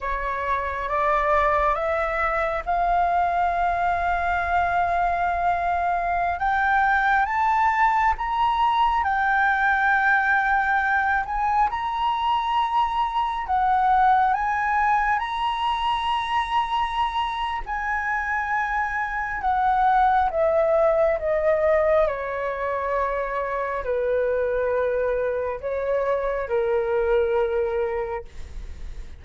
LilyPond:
\new Staff \with { instrumentName = "flute" } { \time 4/4 \tempo 4 = 68 cis''4 d''4 e''4 f''4~ | f''2.~ f''16 g''8.~ | g''16 a''4 ais''4 g''4.~ g''16~ | g''8. gis''8 ais''2 fis''8.~ |
fis''16 gis''4 ais''2~ ais''8. | gis''2 fis''4 e''4 | dis''4 cis''2 b'4~ | b'4 cis''4 ais'2 | }